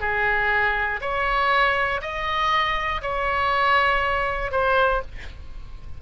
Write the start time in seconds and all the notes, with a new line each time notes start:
0.00 G#4
1.01 C#5
2.01 D#5
3.02 C#5
4.51 C5